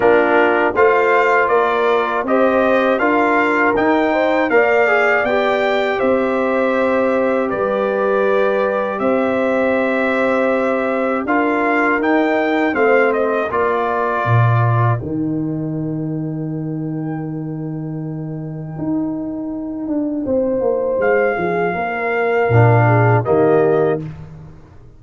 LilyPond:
<<
  \new Staff \with { instrumentName = "trumpet" } { \time 4/4 \tempo 4 = 80 ais'4 f''4 d''4 dis''4 | f''4 g''4 f''4 g''4 | e''2 d''2 | e''2. f''4 |
g''4 f''8 dis''8 d''2 | g''1~ | g''1 | f''2. dis''4 | }
  \new Staff \with { instrumentName = "horn" } { \time 4/4 f'4 c''4 ais'4 c''4 | ais'4. c''8 d''2 | c''2 b'2 | c''2. ais'4~ |
ais'4 c''4 ais'2~ | ais'1~ | ais'2. c''4~ | c''8 gis'8 ais'4. gis'8 g'4 | }
  \new Staff \with { instrumentName = "trombone" } { \time 4/4 d'4 f'2 g'4 | f'4 dis'4 ais'8 gis'8 g'4~ | g'1~ | g'2. f'4 |
dis'4 c'4 f'2 | dis'1~ | dis'1~ | dis'2 d'4 ais4 | }
  \new Staff \with { instrumentName = "tuba" } { \time 4/4 ais4 a4 ais4 c'4 | d'4 dis'4 ais4 b4 | c'2 g2 | c'2. d'4 |
dis'4 a4 ais4 ais,4 | dis1~ | dis4 dis'4. d'8 c'8 ais8 | gis8 f8 ais4 ais,4 dis4 | }
>>